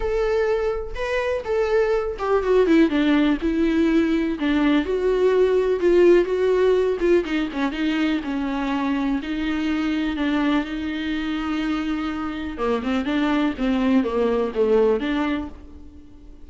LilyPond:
\new Staff \with { instrumentName = "viola" } { \time 4/4 \tempo 4 = 124 a'2 b'4 a'4~ | a'8 g'8 fis'8 e'8 d'4 e'4~ | e'4 d'4 fis'2 | f'4 fis'4. f'8 dis'8 cis'8 |
dis'4 cis'2 dis'4~ | dis'4 d'4 dis'2~ | dis'2 ais8 c'8 d'4 | c'4 ais4 a4 d'4 | }